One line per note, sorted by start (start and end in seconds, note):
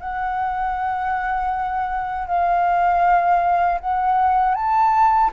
0.00 2.27 F#5
2.27 3.79 F5
3.80 4.55 F#5
4.55 5.31 A5